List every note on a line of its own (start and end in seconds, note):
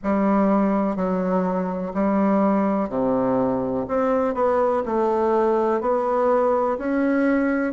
0.03 0.96 G3
0.96 1.93 F#3
1.94 2.89 G3
2.89 3.86 C3
3.88 4.34 C4
4.34 4.83 B3
4.85 5.81 A3
5.81 6.77 B3
6.77 7.73 C#4